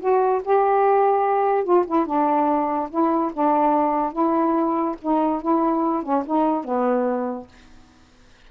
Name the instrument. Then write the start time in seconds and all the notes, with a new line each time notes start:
saxophone
0.00 F#4
0.44 G4
1.64 F4
1.86 E4
2.06 D4
2.90 E4
3.33 D4
4.12 E4
5.02 D#4
5.41 E4
6.03 C#4
6.26 D#4
6.64 B3